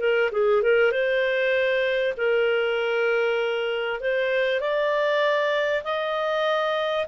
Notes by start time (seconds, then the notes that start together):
0.00 A#4
0.32 G#4
0.63 A#4
0.92 C5
2.17 A#4
4.00 C5
4.61 D5
5.84 D#5